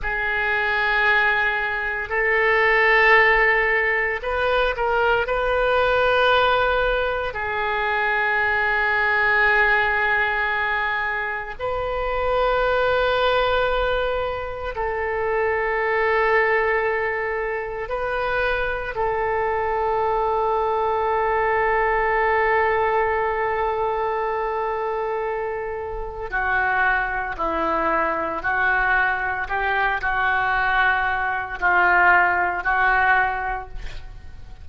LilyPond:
\new Staff \with { instrumentName = "oboe" } { \time 4/4 \tempo 4 = 57 gis'2 a'2 | b'8 ais'8 b'2 gis'4~ | gis'2. b'4~ | b'2 a'2~ |
a'4 b'4 a'2~ | a'1~ | a'4 fis'4 e'4 fis'4 | g'8 fis'4. f'4 fis'4 | }